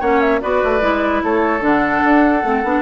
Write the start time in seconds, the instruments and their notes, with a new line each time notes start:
0.00 bassoon A#3, clarinet C#4, oboe C#5, flute F#5
0.20 flute E5
0.41 bassoon B3, clarinet F#4, oboe B4, flute D5
0.64 bassoon A3
0.81 bassoon G#3, clarinet E4
1.24 bassoon A3, oboe A4, flute C#5
1.61 bassoon D3, clarinet D4, flute F#5
2.04 bassoon D4
2.44 bassoon A3, clarinet C4
2.64 bassoon B3, clarinet D4